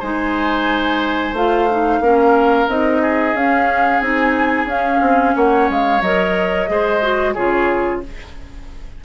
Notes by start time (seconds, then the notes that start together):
0.00 G#3 D#4 C5 G#5
1.33 A3 F4 F5
1.71 D#4
2.00 A#3 C#4 A#4
2.68 C4 D#4 D#5
3.02 G#4
3.34 C#4 F5
4.00 C4 D#4 G#5
4.66 C#4 F5
5.01 C4
5.36 A#3 C#5 F#5
5.70 G#3 F5
6.01 F#3 A#4 D#5
6.68 G#3 G#4 C5
7.02 F#4
7.34 C#3 F4 G#4 C#5